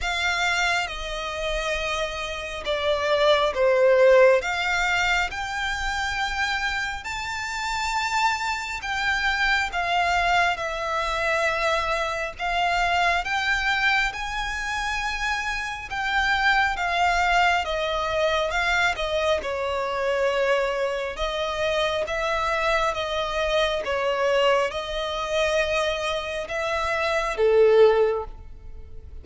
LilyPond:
\new Staff \with { instrumentName = "violin" } { \time 4/4 \tempo 4 = 68 f''4 dis''2 d''4 | c''4 f''4 g''2 | a''2 g''4 f''4 | e''2 f''4 g''4 |
gis''2 g''4 f''4 | dis''4 f''8 dis''8 cis''2 | dis''4 e''4 dis''4 cis''4 | dis''2 e''4 a'4 | }